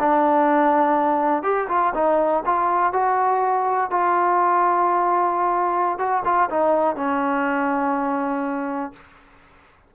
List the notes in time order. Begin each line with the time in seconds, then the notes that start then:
0.00 D4
1.44 G4
1.69 F4
1.95 D#4
2.46 F4
2.93 F#4
3.91 F4
5.99 F#4
6.25 F4
6.51 D#4
6.97 C#4